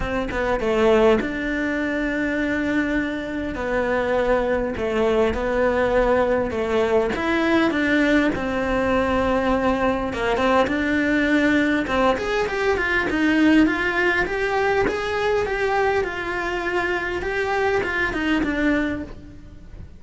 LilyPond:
\new Staff \with { instrumentName = "cello" } { \time 4/4 \tempo 4 = 101 c'8 b8 a4 d'2~ | d'2 b2 | a4 b2 a4 | e'4 d'4 c'2~ |
c'4 ais8 c'8 d'2 | c'8 gis'8 g'8 f'8 dis'4 f'4 | g'4 gis'4 g'4 f'4~ | f'4 g'4 f'8 dis'8 d'4 | }